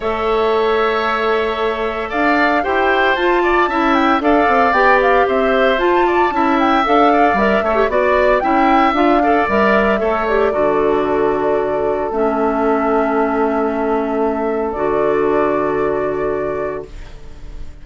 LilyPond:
<<
  \new Staff \with { instrumentName = "flute" } { \time 4/4 \tempo 4 = 114 e''1 | f''4 g''4 a''4. g''8 | f''4 g''8 f''8 e''4 a''4~ | a''8 g''8 f''4 e''4 d''4 |
g''4 f''4 e''4. d''8~ | d''2. e''4~ | e''1 | d''1 | }
  \new Staff \with { instrumentName = "oboe" } { \time 4/4 cis''1 | d''4 c''4. d''8 e''4 | d''2 c''4. d''8 | e''4. d''4 cis''8 d''4 |
e''4. d''4. cis''4 | a'1~ | a'1~ | a'1 | }
  \new Staff \with { instrumentName = "clarinet" } { \time 4/4 a'1~ | a'4 g'4 f'4 e'4 | a'4 g'2 f'4 | e'4 a'4 ais'8 a'16 g'16 fis'4 |
e'4 f'8 a'8 ais'4 a'8 g'8 | fis'2. cis'4~ | cis'1 | fis'1 | }
  \new Staff \with { instrumentName = "bassoon" } { \time 4/4 a1 | d'4 e'4 f'4 cis'4 | d'8 c'8 b4 c'4 f'4 | cis'4 d'4 g8 a8 b4 |
cis'4 d'4 g4 a4 | d2. a4~ | a1 | d1 | }
>>